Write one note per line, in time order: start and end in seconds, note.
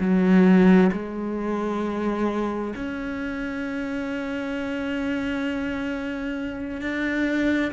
0.00 0.91 F#3
0.93 2.74 G#3
2.76 6.81 C#4
6.81 7.72 D4